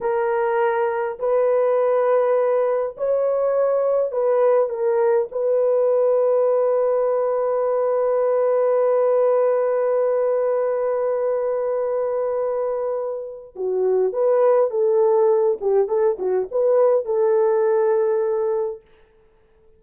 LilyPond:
\new Staff \with { instrumentName = "horn" } { \time 4/4 \tempo 4 = 102 ais'2 b'2~ | b'4 cis''2 b'4 | ais'4 b'2.~ | b'1~ |
b'1~ | b'2. fis'4 | b'4 a'4. g'8 a'8 fis'8 | b'4 a'2. | }